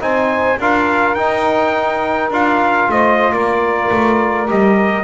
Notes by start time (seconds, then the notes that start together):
0.00 C4 D#4 C5 G#5
0.60 D4 F4 A#4 F5
1.15 D#4 G5
2.31 D4 F4 F5
2.89 A3 C5 D#5
3.33 A#3 A#4 D5
3.92 A3
4.48 G3 G4 D#5